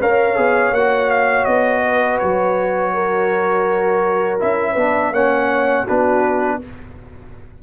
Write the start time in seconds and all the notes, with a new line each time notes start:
0.00 C#4 A#4 C#5 F5
0.36 B3 G#4
0.71 A#3 F#4 F#5
1.10 F5
1.44 B3 D#5
1.84 B4
2.19 F#3 C#5
2.94 A#4
4.39 C#4 E4 E5
4.72 B3 D4 B4
5.11 A#3 C#4 C#5 F#5
5.84 B3 D4 F#4 B4